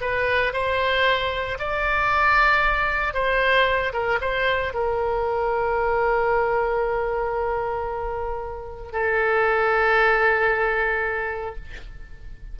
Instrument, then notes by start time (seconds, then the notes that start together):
oboe
0.00 B4
0.52 C5
1.58 D5
3.13 C5
3.92 A#4
4.21 C5
4.73 A#4
8.92 A4